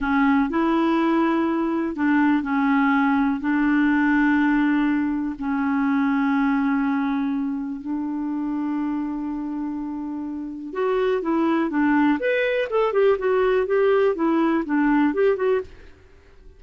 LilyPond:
\new Staff \with { instrumentName = "clarinet" } { \time 4/4 \tempo 4 = 123 cis'4 e'2. | d'4 cis'2 d'4~ | d'2. cis'4~ | cis'1 |
d'1~ | d'2 fis'4 e'4 | d'4 b'4 a'8 g'8 fis'4 | g'4 e'4 d'4 g'8 fis'8 | }